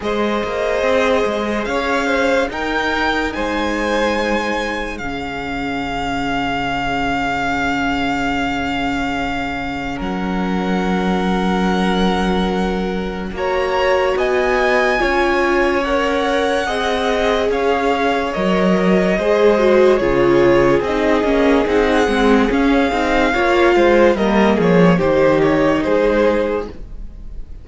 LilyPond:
<<
  \new Staff \with { instrumentName = "violin" } { \time 4/4 \tempo 4 = 72 dis''2 f''4 g''4 | gis''2 f''2~ | f''1 | fis''1 |
ais''4 gis''2 fis''4~ | fis''4 f''4 dis''2 | cis''4 dis''4 fis''4 f''4~ | f''4 dis''8 cis''8 c''8 cis''8 c''4 | }
  \new Staff \with { instrumentName = "violin" } { \time 4/4 c''2 cis''8 c''8 ais'4 | c''2 gis'2~ | gis'1 | ais'1 |
cis''4 dis''4 cis''2 | dis''4 cis''2 c''4 | gis'1 | cis''8 c''8 ais'8 gis'8 g'4 gis'4 | }
  \new Staff \with { instrumentName = "viola" } { \time 4/4 gis'2. dis'4~ | dis'2 cis'2~ | cis'1~ | cis'1 |
fis'2 f'4 ais'4 | gis'2 ais'4 gis'8 fis'8 | f'4 dis'8 cis'8 dis'8 c'8 cis'8 dis'8 | f'4 ais4 dis'2 | }
  \new Staff \with { instrumentName = "cello" } { \time 4/4 gis8 ais8 c'8 gis8 cis'4 dis'4 | gis2 cis2~ | cis1 | fis1 |
ais4 b4 cis'2 | c'4 cis'4 fis4 gis4 | cis4 c'8 ais8 c'8 gis8 cis'8 c'8 | ais8 gis8 g8 f8 dis4 gis4 | }
>>